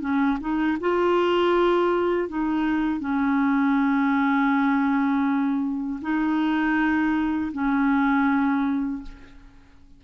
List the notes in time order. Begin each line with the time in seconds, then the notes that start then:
0.00 C#4
0.40 D#4
0.80 F4
2.28 D#4
3.00 C#4
6.01 D#4
7.52 C#4